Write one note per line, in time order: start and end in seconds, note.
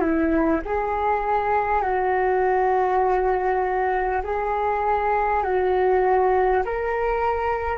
0.00 0.60 E4
0.65 1.82 G#4
1.82 4.22 F#4
4.23 5.43 G#4
5.43 6.63 F#4
6.65 7.78 A#4